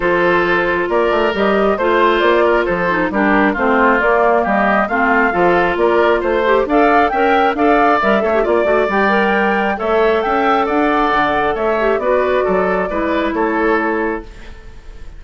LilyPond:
<<
  \new Staff \with { instrumentName = "flute" } { \time 4/4 \tempo 4 = 135 c''2 d''4 dis''4 | c''4 d''4 c''4 ais'4 | c''4 d''4 dis''4 f''4~ | f''4 d''4 c''4 f''4 |
g''4 f''4 e''4 d''4 | g''2 e''4 g''4 | fis''2 e''4 d''4~ | d''2 cis''2 | }
  \new Staff \with { instrumentName = "oboe" } { \time 4/4 a'2 ais'2 | c''4. ais'8 a'4 g'4 | f'2 g'4 f'4 | a'4 ais'4 c''4 d''4 |
e''4 d''4. cis''8 d''4~ | d''2 cis''4 e''4 | d''2 cis''4 b'4 | a'4 b'4 a'2 | }
  \new Staff \with { instrumentName = "clarinet" } { \time 4/4 f'2. g'4 | f'2~ f'8 dis'8 d'4 | c'4 ais2 c'4 | f'2~ f'8 g'8 a'4 |
ais'4 a'4 ais'8 a'16 g'16 f'8 fis'8 | g'8 ais'4. a'2~ | a'2~ a'8 g'8 fis'4~ | fis'4 e'2. | }
  \new Staff \with { instrumentName = "bassoon" } { \time 4/4 f2 ais8 a8 g4 | a4 ais4 f4 g4 | a4 ais4 g4 a4 | f4 ais4 a4 d'4 |
cis'4 d'4 g8 a8 ais8 a8 | g2 a4 cis'4 | d'4 d4 a4 b4 | fis4 gis4 a2 | }
>>